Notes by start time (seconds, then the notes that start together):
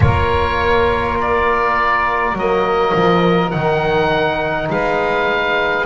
0.00 A#3 F4 A#4 C#5
1.20 D5
2.33 F#3 D#5
2.39 A#3
2.95 F3
3.50 D#3 D#4 F#5
4.69 G#3 B4 F5